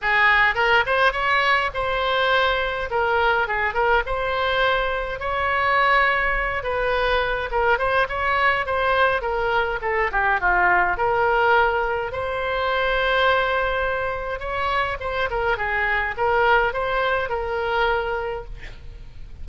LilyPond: \new Staff \with { instrumentName = "oboe" } { \time 4/4 \tempo 4 = 104 gis'4 ais'8 c''8 cis''4 c''4~ | c''4 ais'4 gis'8 ais'8 c''4~ | c''4 cis''2~ cis''8 b'8~ | b'4 ais'8 c''8 cis''4 c''4 |
ais'4 a'8 g'8 f'4 ais'4~ | ais'4 c''2.~ | c''4 cis''4 c''8 ais'8 gis'4 | ais'4 c''4 ais'2 | }